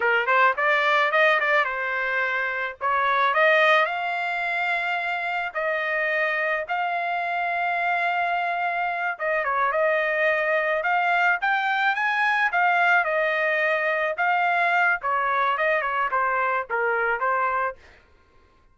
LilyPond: \new Staff \with { instrumentName = "trumpet" } { \time 4/4 \tempo 4 = 108 ais'8 c''8 d''4 dis''8 d''8 c''4~ | c''4 cis''4 dis''4 f''4~ | f''2 dis''2 | f''1~ |
f''8 dis''8 cis''8 dis''2 f''8~ | f''8 g''4 gis''4 f''4 dis''8~ | dis''4. f''4. cis''4 | dis''8 cis''8 c''4 ais'4 c''4 | }